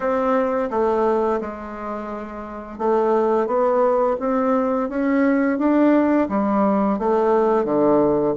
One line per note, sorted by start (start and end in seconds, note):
0.00 0.69 C4
0.70 1.40 A3
1.40 2.78 G#3
2.78 3.46 A3
3.46 4.16 B3
4.19 4.89 C4
4.89 5.58 C#4
5.58 6.28 D4
6.29 6.98 G3
6.98 7.64 A3
7.64 8.34 D3